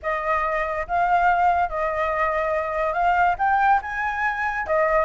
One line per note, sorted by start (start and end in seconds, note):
0.02 0.87 D#5
0.87 1.69 F5
1.69 2.93 D#5
2.93 3.35 F5
3.38 3.80 G5
3.82 4.66 G#5
4.67 5.05 D#5